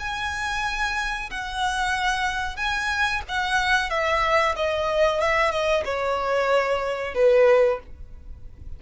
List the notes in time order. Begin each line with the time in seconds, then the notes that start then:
0.00 G#5
1.31 F#5
2.57 G#5
3.29 F#5
3.90 E5
4.56 D#5
5.21 E5
5.52 D#5
5.85 C#5
7.15 B4